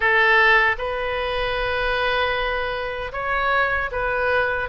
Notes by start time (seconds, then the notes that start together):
0.00 A4
0.78 B4
3.12 C#5
3.91 B4